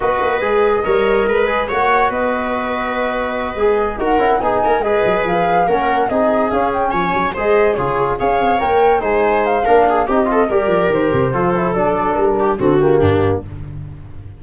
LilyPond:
<<
  \new Staff \with { instrumentName = "flute" } { \time 4/4 \tempo 4 = 143 dis''1 | fis''4 dis''2.~ | dis''4. fis''4 gis''4 dis''8~ | dis''8 f''4 fis''4 dis''4 f''8 |
g''8 gis''4 dis''4 cis''4 f''8~ | f''8 g''4 gis''4 f''4. | dis''4 d''4 c''2 | d''4 ais'4 a'8 g'4. | }
  \new Staff \with { instrumentName = "viola" } { \time 4/4 b'2 cis''4 b'4 | cis''4 b'2.~ | b'4. ais'4 gis'8 ais'8 b'8~ | b'4. ais'4 gis'4.~ |
gis'8 cis''4 c''4 gis'4 cis''8~ | cis''4. c''4. ais'8 gis'8 | g'8 a'8 ais'2 a'4~ | a'4. g'8 fis'4 d'4 | }
  \new Staff \with { instrumentName = "trombone" } { \time 4/4 fis'4 gis'4 ais'4. gis'8 | fis'1~ | fis'8 gis'4 fis'8 e'8 dis'4 gis'8~ | gis'4. cis'4 dis'4 cis'8~ |
cis'4. gis'4 f'4 gis'8~ | gis'8 ais'4 dis'4. d'4 | dis'8 f'8 g'2 f'8 e'8 | d'2 c'8 ais4. | }
  \new Staff \with { instrumentName = "tuba" } { \time 4/4 b8 ais8 gis4 g4 gis4 | ais4 b2.~ | b8 gis4 dis'8 cis'8 b8 ais8 gis8 | fis8 f4 ais4 c'4 cis'8~ |
cis'8 f8 fis8 gis4 cis4 cis'8 | c'8 ais4 gis4. ais4 | c'4 g8 f8 dis8 c8 f4 | fis4 g4 d4 g,4 | }
>>